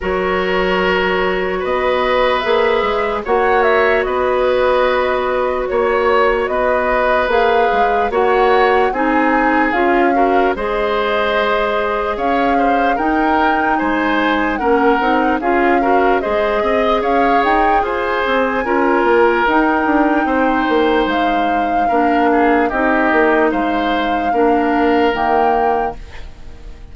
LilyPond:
<<
  \new Staff \with { instrumentName = "flute" } { \time 4/4 \tempo 4 = 74 cis''2 dis''4 e''4 | fis''8 e''8 dis''2 cis''4 | dis''4 f''4 fis''4 gis''4 | f''4 dis''2 f''4 |
g''4 gis''4 fis''4 f''4 | dis''4 f''8 g''8 gis''2 | g''2 f''2 | dis''4 f''2 g''4 | }
  \new Staff \with { instrumentName = "oboe" } { \time 4/4 ais'2 b'2 | cis''4 b'2 cis''4 | b'2 cis''4 gis'4~ | gis'8 ais'8 c''2 cis''8 c''8 |
ais'4 c''4 ais'4 gis'8 ais'8 | c''8 dis''8 cis''4 c''4 ais'4~ | ais'4 c''2 ais'8 gis'8 | g'4 c''4 ais'2 | }
  \new Staff \with { instrumentName = "clarinet" } { \time 4/4 fis'2. gis'4 | fis'1~ | fis'4 gis'4 fis'4 dis'4 | f'8 fis'8 gis'2. |
dis'2 cis'8 dis'8 f'8 fis'8 | gis'2. f'4 | dis'2. d'4 | dis'2 d'4 ais4 | }
  \new Staff \with { instrumentName = "bassoon" } { \time 4/4 fis2 b4 ais8 gis8 | ais4 b2 ais4 | b4 ais8 gis8 ais4 c'4 | cis'4 gis2 cis'4 |
dis'4 gis4 ais8 c'8 cis'4 | gis8 c'8 cis'8 dis'8 f'8 c'8 cis'8 ais8 | dis'8 d'8 c'8 ais8 gis4 ais4 | c'8 ais8 gis4 ais4 dis4 | }
>>